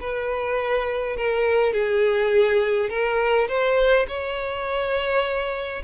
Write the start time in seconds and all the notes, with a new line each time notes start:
0.00 B4
1.17 A#4
1.73 G#4
2.89 A#4
3.48 C5
4.08 C#5